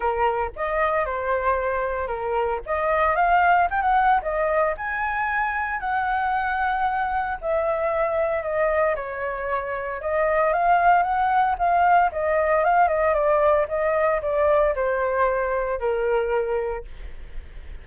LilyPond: \new Staff \with { instrumentName = "flute" } { \time 4/4 \tempo 4 = 114 ais'4 dis''4 c''2 | ais'4 dis''4 f''4 g''16 fis''8. | dis''4 gis''2 fis''4~ | fis''2 e''2 |
dis''4 cis''2 dis''4 | f''4 fis''4 f''4 dis''4 | f''8 dis''8 d''4 dis''4 d''4 | c''2 ais'2 | }